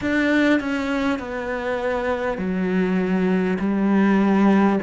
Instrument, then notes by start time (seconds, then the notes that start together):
cello
0.01 D4
0.59 C#4
1.19 B3
2.37 F#3
3.59 G3